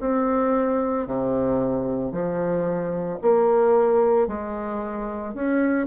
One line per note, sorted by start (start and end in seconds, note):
0.00 1.06 C4
1.06 2.11 C3
2.11 3.19 F3
3.21 4.27 A#3
4.27 5.34 G#3
5.34 5.87 C#4